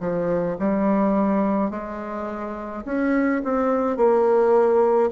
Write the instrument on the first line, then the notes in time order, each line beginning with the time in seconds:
bassoon
0.00 F3
0.59 G3
1.70 G#3
2.85 C#4
3.44 C4
3.97 A#3